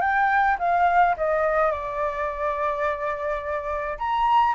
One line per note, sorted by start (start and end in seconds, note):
0.00 0.57 G5
0.59 1.15 F5
1.17 1.71 D#5
1.71 3.98 D5
3.98 4.54 A#5